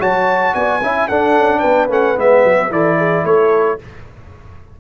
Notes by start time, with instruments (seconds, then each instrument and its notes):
0.00 tuba F#3, trombone F#4, horn C#5, trumpet A5
0.55 tuba B3, horn D5, trumpet G#5
0.82 tuba C#4, trombone E4, horn E5
1.09 tuba D4, trombone D4, horn A4, trumpet F#5
1.37 tuba C#4
1.60 tuba B3, horn B4, trumpet G5
1.89 tuba A3, trombone C#4, trumpet F#5
2.16 tuba G#3, trombone B3, trumpet E5
2.44 tuba F#3
2.71 tuba E3, trombone E4, horn A4, trumpet D5
2.98 horn G#4
3.25 tuba A3, horn A4, trumpet C#5